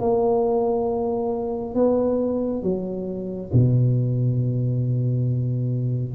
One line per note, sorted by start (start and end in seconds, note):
0.00 1.74 A#3
1.74 2.63 B3
2.63 3.51 F#3
3.53 6.14 B2